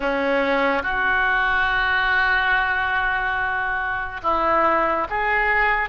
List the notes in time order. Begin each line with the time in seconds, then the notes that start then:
0.00 C#4
0.82 F#4
4.23 E4
5.09 G#4